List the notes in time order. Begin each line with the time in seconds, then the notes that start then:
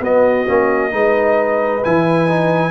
0.00 B3 F#4 D#5
0.46 A#3 C#4
0.91 G#3 D#4 B4
1.84 E3 E4 G#5
2.28 D#4